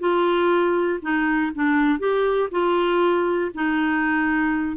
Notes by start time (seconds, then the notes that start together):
0.00 F4
1.02 D#4
1.55 D4
1.99 G4
2.51 F4
3.55 D#4